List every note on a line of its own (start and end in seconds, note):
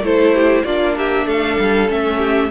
0.00 0.62 A3
0.00 0.65 E4
0.00 0.35 A4
0.00 0.64 C5
0.35 0.65 G4
0.64 1.26 A#3
0.64 1.88 D4
0.64 0.96 F4
0.64 0.95 D5
0.97 1.27 G4
0.97 1.28 E5
1.26 1.57 A3
1.26 2.18 A4
1.26 1.90 F5
1.59 1.89 G3
1.88 2.50 A3
1.88 2.50 C#4
1.88 2.50 E5
2.18 2.48 G4